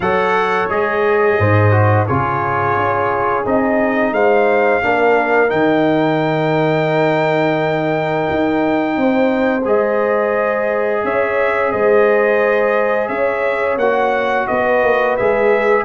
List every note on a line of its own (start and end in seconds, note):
0.00 0.68 F#3
0.00 0.69 A4
0.00 1.39 C#5
0.00 0.69 F#5
0.69 1.38 G#3
0.69 1.71 G#4
0.69 2.06 D#5
1.38 2.07 G#2
1.38 2.06 C5
1.71 2.05 F#4
2.06 2.75 C#3
2.06 3.44 F4
2.06 4.12 G#4
2.06 3.44 C#5
2.75 3.44 C#4
3.44 4.11 C4
3.44 4.81 D#4
3.44 4.13 D#5
4.11 4.80 G#3
4.11 4.82 C5
4.11 5.50 F5
4.81 5.52 A#3
4.81 5.48 D4
4.81 8.97 A#4
5.48 8.28 D#3
5.48 9.61 D#4
5.48 9.63 G5
8.30 8.97 D#4
8.97 9.65 C4
8.97 11.04 C5
9.65 11.03 G#3
9.65 13.79 G#4
9.65 11.04 D#5
11.04 11.73 C#4
11.04 11.72 C#5
11.04 11.71 E5
11.71 13.08 G#3
11.71 13.09 C5
11.71 13.08 D#5
13.08 13.77 C#4
13.08 14.47 C#5
13.08 13.77 E5
13.77 14.46 A#3
13.77 15.19 F#4
13.77 14.47 F#5
14.47 14.83 B3
14.47 15.84 B4
14.47 15.16 D#5
14.83 15.17 A#3
15.16 15.84 G#3
15.16 15.84 G#4
15.16 15.84 E5